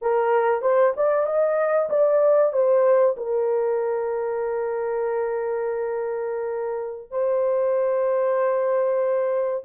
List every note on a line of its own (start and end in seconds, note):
0.01 0.61 A#4
0.61 0.93 C5
0.96 1.26 D5
1.26 1.89 D#5
1.89 2.52 D5
2.52 3.16 C5
3.17 7.11 A#4
7.11 9.63 C5